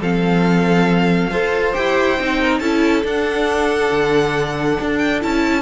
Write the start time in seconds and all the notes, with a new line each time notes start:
0.00 F3 C4 A4 F5
1.30 F4 A4 C5
1.73 E4 G4 G5
2.19 C4 D#4
2.41 A#4
2.59 C#4 E4 A4 A5
3.03 D4 F#5
3.91 D3
4.80 D4
4.98 G5
5.21 C#4 E4 A5